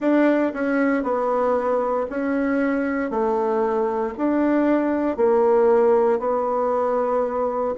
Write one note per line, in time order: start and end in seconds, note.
0.00 0.52 D4
0.53 1.03 C#4
1.03 2.06 B3
2.09 3.10 C#4
3.10 4.14 A3
4.17 5.16 D4
5.16 6.19 A#3
6.19 7.74 B3